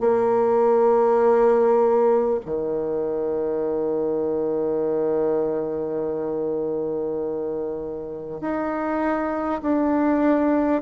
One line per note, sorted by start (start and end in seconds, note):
0.00 2.40 A#3
2.45 8.41 D#3
8.41 9.61 D#4
9.62 10.82 D4